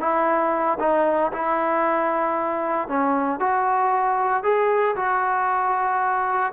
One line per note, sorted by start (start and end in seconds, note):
0.00 0.78 E4
0.79 1.32 D#4
1.32 2.88 E4
2.88 3.40 C#4
3.40 4.43 F#4
4.43 4.96 G#4
4.96 6.52 F#4